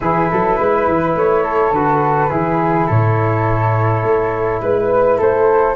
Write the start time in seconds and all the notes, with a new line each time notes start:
0.00 E3 E4 G#4 B4
0.30 F#3 A4
0.59 G#3 B4
0.87 E3
1.15 A3 C#5
1.43 A4
1.71 D3 F#4 B4
2.29 E3 E4 G#4
2.87 A2 A4 C#5
4.03 A3
4.61 G#3 B4
5.17 A3 A4 C5